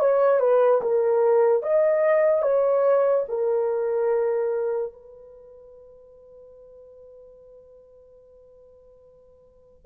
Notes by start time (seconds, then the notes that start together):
0.00 C#5
0.40 B4
0.81 A#4
1.63 D#5
2.42 C#5
3.29 A#4
4.93 B4